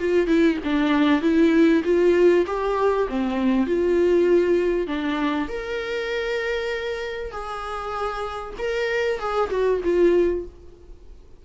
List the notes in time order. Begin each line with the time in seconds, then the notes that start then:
0.00 F4
0.27 E4
0.64 D4
1.22 E4
1.85 F4
2.47 G4
3.09 C4
3.67 F4
4.87 D4
5.49 A#4
7.32 G#4
8.59 A#4
9.19 G#4
9.51 F#4
9.84 F4